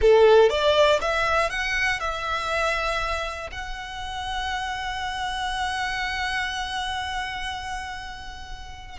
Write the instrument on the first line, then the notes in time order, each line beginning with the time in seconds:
violin
0.01 A4
0.49 D5
1.01 E5
1.50 F#5
2.00 E5
3.51 F#5